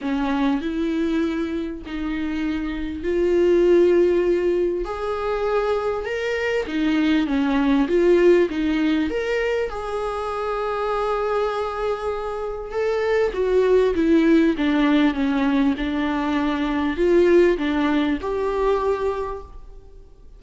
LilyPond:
\new Staff \with { instrumentName = "viola" } { \time 4/4 \tempo 4 = 99 cis'4 e'2 dis'4~ | dis'4 f'2. | gis'2 ais'4 dis'4 | cis'4 f'4 dis'4 ais'4 |
gis'1~ | gis'4 a'4 fis'4 e'4 | d'4 cis'4 d'2 | f'4 d'4 g'2 | }